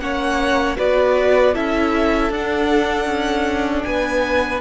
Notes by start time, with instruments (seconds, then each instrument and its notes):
0.00 cello A#3, viola C#4, violin C#5 F#5
0.77 cello B3, viola F#4, violin B4 D5
1.54 cello C#4, viola E4, violin A4 E5
2.30 cello D4, violin F#5
2.37 viola D4
3.06 cello C#4
3.84 cello B3, violin B4 G#5